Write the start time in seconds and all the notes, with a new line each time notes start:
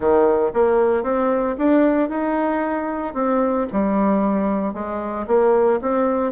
0.00 D#3
0.53 A#3
1.03 C4
1.58 D4
2.09 D#4
3.14 C4
3.72 G3
4.73 G#3
5.27 A#3
5.81 C4